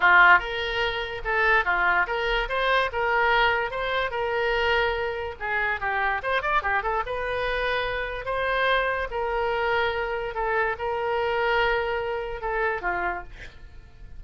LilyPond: \new Staff \with { instrumentName = "oboe" } { \time 4/4 \tempo 4 = 145 f'4 ais'2 a'4 | f'4 ais'4 c''4 ais'4~ | ais'4 c''4 ais'2~ | ais'4 gis'4 g'4 c''8 d''8 |
g'8 a'8 b'2. | c''2 ais'2~ | ais'4 a'4 ais'2~ | ais'2 a'4 f'4 | }